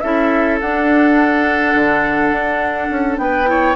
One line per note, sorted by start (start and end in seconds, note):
0.00 0.61 C#4
0.00 0.61 E4
0.00 3.21 A4
0.00 0.58 E5
0.60 1.74 D4
0.60 3.46 D4
0.60 3.18 F#5
1.74 2.31 D3
2.31 2.89 D4
2.90 3.17 C#4
3.17 3.75 B3
3.17 3.49 B4
3.17 3.75 G5
3.46 3.75 E4
3.46 3.76 C#5